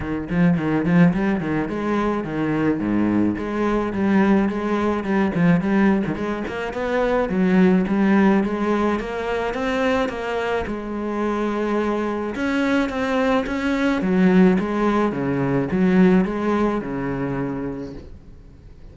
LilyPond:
\new Staff \with { instrumentName = "cello" } { \time 4/4 \tempo 4 = 107 dis8 f8 dis8 f8 g8 dis8 gis4 | dis4 gis,4 gis4 g4 | gis4 g8 f8 g8. dis16 gis8 ais8 | b4 fis4 g4 gis4 |
ais4 c'4 ais4 gis4~ | gis2 cis'4 c'4 | cis'4 fis4 gis4 cis4 | fis4 gis4 cis2 | }